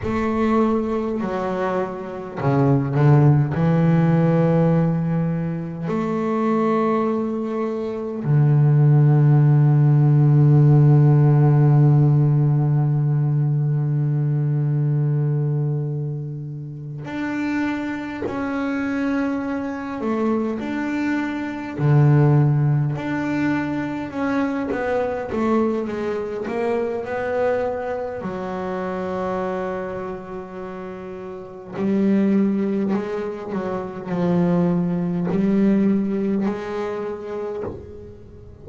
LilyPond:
\new Staff \with { instrumentName = "double bass" } { \time 4/4 \tempo 4 = 51 a4 fis4 cis8 d8 e4~ | e4 a2 d4~ | d1~ | d2~ d8 d'4 cis'8~ |
cis'4 a8 d'4 d4 d'8~ | d'8 cis'8 b8 a8 gis8 ais8 b4 | fis2. g4 | gis8 fis8 f4 g4 gis4 | }